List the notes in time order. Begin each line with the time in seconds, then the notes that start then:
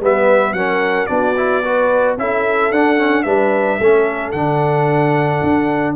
0.00 G3 B3 B4 E5
0.53 F#3 C#4 A#4 F#5
1.07 B3 D4 F#4 D5
1.37 E4
1.64 F#4 B4
2.18 C#4 E4 A4 E5
2.72 D4 F#5
2.98 C#4
3.23 G3 D4 B4 E5
3.79 A3 C#4 A4
4.32 D3 D4 F#5
5.43 D4